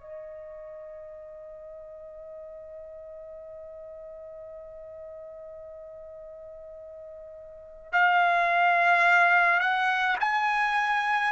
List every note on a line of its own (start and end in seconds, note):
0.00 7.92 D#5
7.92 9.60 F5
9.60 10.16 F#5
10.20 11.32 G#5